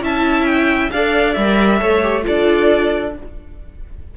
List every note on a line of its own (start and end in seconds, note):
0.00 0.89 C#4
0.00 0.90 E4
0.00 0.91 E5
0.00 0.45 A5
0.45 0.89 G5
0.90 1.36 D4
0.90 1.35 A4
0.90 1.79 D5
0.90 1.33 F5
1.33 1.81 G3
1.33 1.79 A#4
1.33 2.22 E5
1.79 2.26 A3
1.79 2.01 A4
1.79 2.24 C#5
2.02 2.22 G4
2.22 3.17 D4
2.22 3.11 F4
2.22 3.14 A4
2.22 3.15 D5